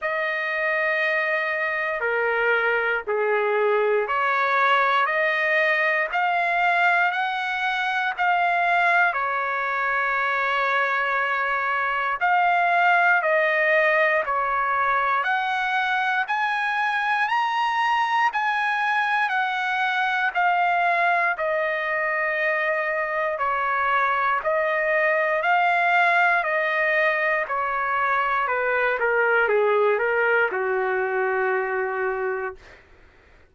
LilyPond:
\new Staff \with { instrumentName = "trumpet" } { \time 4/4 \tempo 4 = 59 dis''2 ais'4 gis'4 | cis''4 dis''4 f''4 fis''4 | f''4 cis''2. | f''4 dis''4 cis''4 fis''4 |
gis''4 ais''4 gis''4 fis''4 | f''4 dis''2 cis''4 | dis''4 f''4 dis''4 cis''4 | b'8 ais'8 gis'8 ais'8 fis'2 | }